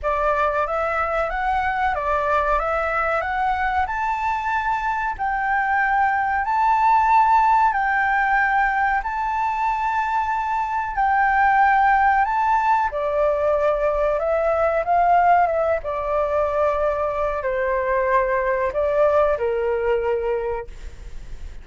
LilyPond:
\new Staff \with { instrumentName = "flute" } { \time 4/4 \tempo 4 = 93 d''4 e''4 fis''4 d''4 | e''4 fis''4 a''2 | g''2 a''2 | g''2 a''2~ |
a''4 g''2 a''4 | d''2 e''4 f''4 | e''8 d''2~ d''8 c''4~ | c''4 d''4 ais'2 | }